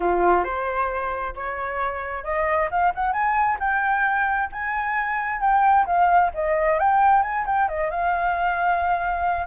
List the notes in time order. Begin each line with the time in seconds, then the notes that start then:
0.00 F4
0.44 C5
1.35 C#5
2.24 D#5
2.70 F5
2.94 F#5
3.13 G#5
3.59 G5
4.52 G#5
5.40 G5
5.86 F5
6.34 D#5
6.79 G5
7.22 G#5
7.46 G5
7.68 D#5
7.90 F5